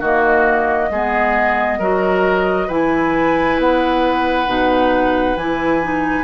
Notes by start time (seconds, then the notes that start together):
0.00 D#3 A#3 F#4 D#5
0.90 G#3 B3 G#4
1.79 F#3 F#4 A#4
2.68 E3 E4 B4 G#5
3.58 B3 F#5
4.46 B2 D#4
5.36 E3 E4 G#5
5.82 D#4